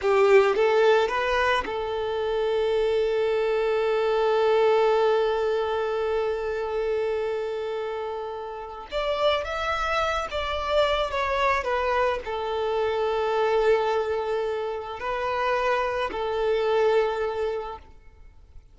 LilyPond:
\new Staff \with { instrumentName = "violin" } { \time 4/4 \tempo 4 = 108 g'4 a'4 b'4 a'4~ | a'1~ | a'1~ | a'1 |
d''4 e''4. d''4. | cis''4 b'4 a'2~ | a'2. b'4~ | b'4 a'2. | }